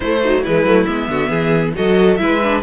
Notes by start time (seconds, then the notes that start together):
0.00 A3 E4 C5
0.21 F#3 D#4
0.42 E3 G#3 E4 B4
0.64 F#3 A3
0.84 G#3 B3 E5
1.08 D3 F#4
1.29 E3 G#4
1.74 F#3 F#4 A4 D#5
2.16 G#3 E4 B4 E5
2.43 D4